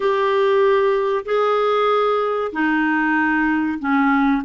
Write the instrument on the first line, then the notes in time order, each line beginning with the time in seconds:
clarinet
0.00 G4
1.25 G#4
2.52 D#4
3.79 C#4